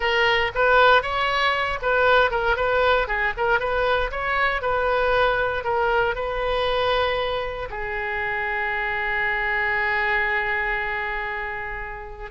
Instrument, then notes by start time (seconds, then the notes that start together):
oboe
0.00 A#4
0.54 B4
1.02 C#5
1.82 B4
2.30 A#4
2.56 B4
3.07 G#4
3.37 A#4
3.59 B4
4.11 C#5
4.61 B4
5.64 A#4
6.15 B4
7.69 G#4